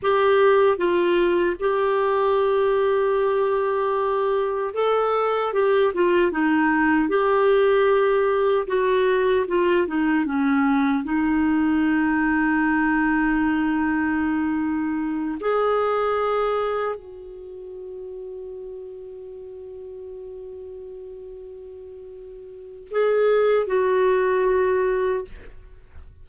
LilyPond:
\new Staff \with { instrumentName = "clarinet" } { \time 4/4 \tempo 4 = 76 g'4 f'4 g'2~ | g'2 a'4 g'8 f'8 | dis'4 g'2 fis'4 | f'8 dis'8 cis'4 dis'2~ |
dis'2.~ dis'8 gis'8~ | gis'4. fis'2~ fis'8~ | fis'1~ | fis'4 gis'4 fis'2 | }